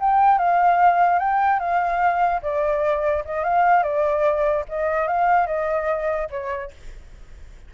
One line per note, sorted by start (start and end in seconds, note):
0.00 0.38 G5
0.38 1.19 F5
1.19 1.60 G5
1.60 2.41 F5
2.42 3.24 D5
3.25 3.44 D#5
3.44 3.83 F5
3.83 4.65 D5
4.69 5.07 D#5
5.07 5.47 F5
5.47 6.28 D#5
6.30 6.71 C#5